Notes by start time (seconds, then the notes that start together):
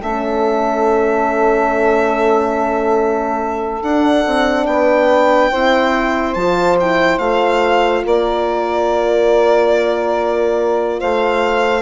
0.00 A3 C#4 A4 E5
3.83 D4 F#5
4.27 C4
4.67 B3 B4 G5
5.51 C4 E4 C5
6.35 F3 F4 A5
6.80 E4 G5
7.19 A3 F4 F5
8.05 A#3 A#4 D5
11.00 A3 C5 F5